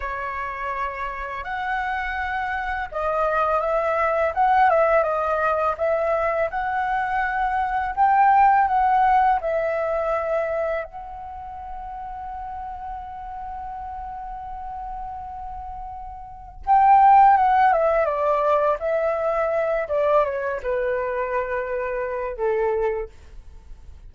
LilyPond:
\new Staff \with { instrumentName = "flute" } { \time 4/4 \tempo 4 = 83 cis''2 fis''2 | dis''4 e''4 fis''8 e''8 dis''4 | e''4 fis''2 g''4 | fis''4 e''2 fis''4~ |
fis''1~ | fis''2. g''4 | fis''8 e''8 d''4 e''4. d''8 | cis''8 b'2~ b'8 a'4 | }